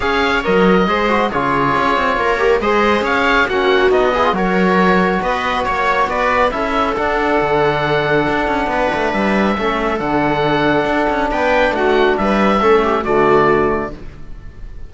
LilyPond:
<<
  \new Staff \with { instrumentName = "oboe" } { \time 4/4 \tempo 4 = 138 f''4 dis''2 cis''4~ | cis''2 dis''4 f''4 | fis''4 dis''4 cis''2 | dis''4 cis''4 d''4 e''4 |
fis''1~ | fis''4 e''2 fis''4~ | fis''2 g''4 fis''4 | e''2 d''2 | }
  \new Staff \with { instrumentName = "viola" } { \time 4/4 cis''2 c''4 gis'4~ | gis'4 ais'4 c''4 cis''4 | fis'4. gis'8 ais'2 | b'4 cis''4 b'4 a'4~ |
a'1 | b'2 a'2~ | a'2 b'4 fis'4 | b'4 a'8 g'8 fis'2 | }
  \new Staff \with { instrumentName = "trombone" } { \time 4/4 gis'4 ais'4 gis'8 fis'8 f'4~ | f'4. g'8 gis'2 | cis'4 dis'8 e'16 f'16 fis'2~ | fis'2. e'4 |
d'1~ | d'2 cis'4 d'4~ | d'1~ | d'4 cis'4 a2 | }
  \new Staff \with { instrumentName = "cello" } { \time 4/4 cis'4 fis4 gis4 cis4 | cis'8 c'8 ais4 gis4 cis'4 | ais4 b4 fis2 | b4 ais4 b4 cis'4 |
d'4 d2 d'8 cis'8 | b8 a8 g4 a4 d4~ | d4 d'8 cis'8 b4 a4 | g4 a4 d2 | }
>>